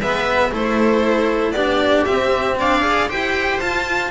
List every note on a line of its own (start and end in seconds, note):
0.00 0.52 G#3
0.00 0.52 B3
0.00 0.53 B4
0.00 0.54 E5
0.52 1.53 A3
0.52 1.55 E4
0.52 1.55 A4
0.52 1.52 C5
1.52 2.04 B3
1.52 2.08 D4
1.52 2.58 G4
1.52 2.04 D5
2.06 2.59 C4
2.06 2.82 C4
2.06 2.57 E5
2.59 3.11 D4
2.59 3.09 D5
2.59 3.10 F5
2.82 3.08 G#4
3.09 3.60 E4
3.09 3.61 G4
3.09 4.11 C5
3.09 3.60 G5
3.60 4.11 F4
3.60 4.11 A5